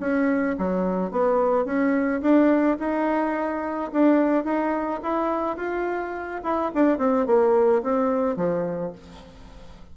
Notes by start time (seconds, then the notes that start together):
0.00 C#4
0.58 F#3
1.11 B3
1.65 C#4
2.21 D4
2.79 D#4
3.92 D4
4.44 D#4
5.03 E4
5.57 F4
6.43 E4
6.74 D4
6.98 C4
7.26 A#3
7.83 C4
8.36 F3